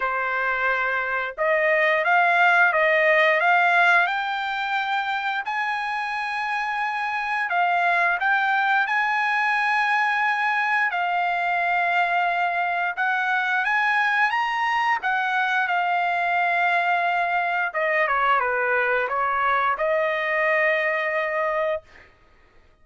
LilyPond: \new Staff \with { instrumentName = "trumpet" } { \time 4/4 \tempo 4 = 88 c''2 dis''4 f''4 | dis''4 f''4 g''2 | gis''2. f''4 | g''4 gis''2. |
f''2. fis''4 | gis''4 ais''4 fis''4 f''4~ | f''2 dis''8 cis''8 b'4 | cis''4 dis''2. | }